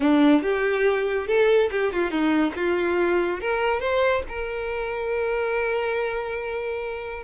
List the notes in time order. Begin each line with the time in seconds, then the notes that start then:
0.00 D4
0.42 G4
1.27 A4
1.71 G4
1.92 F4
2.10 D#4
2.55 F4
3.40 A#4
3.79 C5
4.28 A#4